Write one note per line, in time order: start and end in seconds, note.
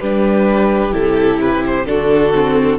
0.00 0.94 G3
0.00 0.92 D4
0.00 1.88 G4
0.00 0.94 B4
0.92 1.86 C3
0.92 1.86 E4
0.92 1.40 A4
1.41 1.65 B4
1.67 1.86 C5
1.86 2.79 D3
1.86 2.33 D4
1.86 2.79 F#4
1.86 2.79 A4
2.35 2.79 C4